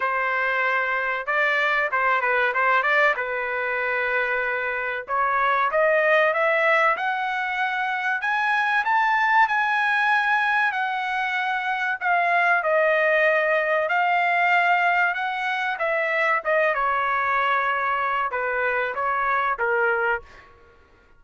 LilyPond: \new Staff \with { instrumentName = "trumpet" } { \time 4/4 \tempo 4 = 95 c''2 d''4 c''8 b'8 | c''8 d''8 b'2. | cis''4 dis''4 e''4 fis''4~ | fis''4 gis''4 a''4 gis''4~ |
gis''4 fis''2 f''4 | dis''2 f''2 | fis''4 e''4 dis''8 cis''4.~ | cis''4 b'4 cis''4 ais'4 | }